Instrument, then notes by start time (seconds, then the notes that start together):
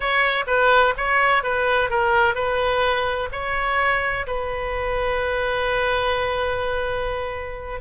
oboe
0.00 C#5
0.47 B4
0.97 C#5
1.43 B4
1.90 A#4
2.35 B4
3.32 C#5
4.26 B4